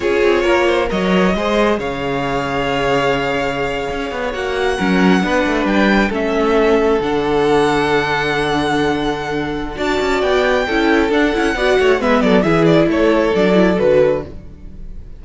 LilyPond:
<<
  \new Staff \with { instrumentName = "violin" } { \time 4/4 \tempo 4 = 135 cis''2 dis''2 | f''1~ | f''4.~ f''16 fis''2~ fis''16~ | fis''8. g''4 e''2 fis''16~ |
fis''1~ | fis''2 a''4 g''4~ | g''4 fis''2 e''8 d''8 | e''8 d''8 cis''4 d''4 b'4 | }
  \new Staff \with { instrumentName = "violin" } { \time 4/4 gis'4 ais'8 c''8 cis''4 c''4 | cis''1~ | cis''2~ cis''8. ais'4 b'16~ | b'4.~ b'16 a'2~ a'16~ |
a'1~ | a'2 d''2 | a'2 d''8 cis''8 b'8 a'8 | gis'4 a'2. | }
  \new Staff \with { instrumentName = "viola" } { \time 4/4 f'2 ais'4 gis'4~ | gis'1~ | gis'4.~ gis'16 fis'4 cis'4 d'16~ | d'4.~ d'16 cis'2 d'16~ |
d'1~ | d'2 fis'2 | e'4 d'8 e'8 fis'4 b4 | e'2 d'8 e'8 fis'4 | }
  \new Staff \with { instrumentName = "cello" } { \time 4/4 cis'8 c'8 ais4 fis4 gis4 | cis1~ | cis8. cis'8 b8 ais4 fis4 b16~ | b16 a8 g4 a2 d16~ |
d1~ | d2 d'8 cis'8 b4 | cis'4 d'8 cis'8 b8 a8 gis8 fis8 | e4 a4 fis4 d4 | }
>>